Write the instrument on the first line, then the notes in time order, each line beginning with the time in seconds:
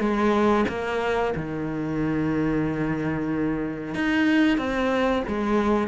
cello
0.00 G#3
0.69 A#3
1.36 D#3
3.95 D#4
4.58 C4
5.28 G#3